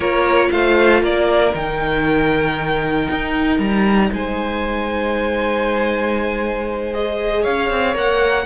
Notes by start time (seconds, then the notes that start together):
0.00 A#3 F4 A#4 C#5
0.51 A3 C5 F5
1.01 A#3 A#4 D5
1.54 D#3 D#4 G5
3.10 D#4
3.58 G3 A#5
4.12 G#3 C5 G#5
6.93 G#4 D#5
7.42 C#4 C#5 F5
7.70 C4
7.93 A#3 A#4 F#5